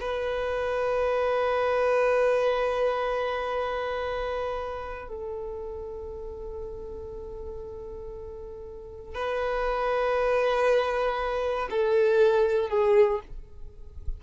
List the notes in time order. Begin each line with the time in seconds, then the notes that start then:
0.00 B4
5.08 A4
9.14 B4
11.70 A4
12.69 G#4